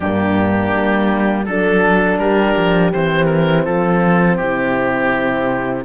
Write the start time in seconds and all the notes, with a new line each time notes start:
0.00 G2 A#3 D4 G4
0.73 G3
1.45 F#3 D4 A4
2.18 G3 G4 A#4
2.56 F3
2.92 E3 C4 C5
3.25 A#4
3.64 F3 F4 A4
4.36 C3 E4 G4